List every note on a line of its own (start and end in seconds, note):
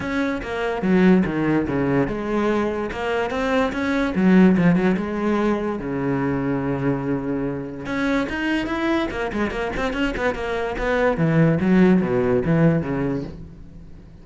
0.00 0.41 C#4
0.42 0.82 A#3
0.82 1.23 F#3
1.25 1.66 D#3
1.67 2.07 C#3
2.07 2.90 G#3
2.91 3.30 A#3
3.30 3.71 C4
3.72 4.13 C#4
4.15 4.56 F#3
4.57 4.75 F3
4.75 4.96 F#3
4.96 5.79 G#3
5.79 7.85 C#3
7.85 8.27 C#4
8.29 8.66 D#4
8.66 9.08 E4
9.10 9.31 A#3
9.32 9.51 G#3
9.51 9.71 A#3
9.76 9.93 C4
9.93 10.14 C#4
10.16 10.34 B3
10.34 10.76 A#3
10.77 11.17 B3
11.17 11.58 E3
11.60 12.01 F#3
12.01 12.43 B2
12.45 12.82 E3
12.82 13.23 C#3